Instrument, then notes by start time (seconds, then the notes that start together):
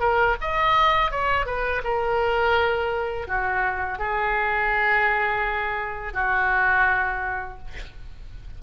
oboe
0.00 A#4
0.41 D#5
1.11 C#5
1.46 B4
1.84 A#4
3.28 F#4
3.99 G#4
6.14 F#4